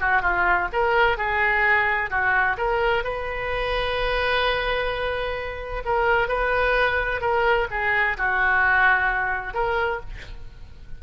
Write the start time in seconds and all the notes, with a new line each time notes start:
0.00 F#4
0.22 F4
0.73 A#4
1.18 G#4
2.10 F#4
2.57 A#4
3.04 B4
5.85 A#4
6.28 B4
7.21 A#4
7.70 G#4
8.17 F#4
9.53 A#4